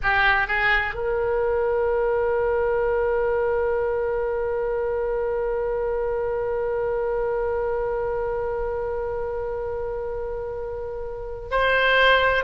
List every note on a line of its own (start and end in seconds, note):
0.03 0.47 G4
0.47 0.94 G#4
0.94 11.49 A#4
11.51 12.44 C5